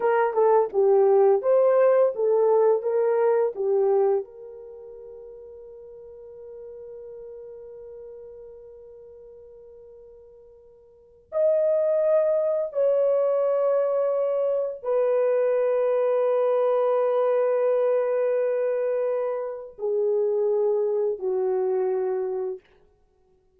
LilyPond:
\new Staff \with { instrumentName = "horn" } { \time 4/4 \tempo 4 = 85 ais'8 a'8 g'4 c''4 a'4 | ais'4 g'4 ais'2~ | ais'1~ | ais'1 |
dis''2 cis''2~ | cis''4 b'2.~ | b'1 | gis'2 fis'2 | }